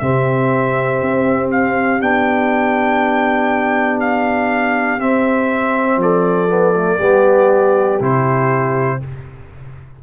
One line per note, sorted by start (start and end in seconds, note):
0.00 1.01 C3
0.00 2.01 C4
0.00 6.00 G4
0.00 1.50 E5
1.01 2.01 C4
1.51 2.01 F5
2.01 4.99 B3
2.01 5.00 D4
2.01 4.01 G5
4.01 5.01 F5
4.99 5.97 C4
4.99 6.49 C4
4.99 6.01 E5
5.97 6.97 F3
5.97 6.99 A4
5.97 8.02 D5
6.49 6.74 B3
6.76 7.00 A3
6.99 8.01 G3
6.99 8.00 B3
6.99 8.99 G4
8.00 9.01 C3
8.00 9.00 E4
8.00 9.03 C5